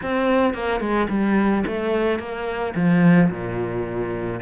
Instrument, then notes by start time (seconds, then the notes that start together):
cello
0.02 C4
0.54 A#3
0.80 G#3
1.09 G3
1.66 A3
2.19 A#3
2.75 F3
3.30 A#2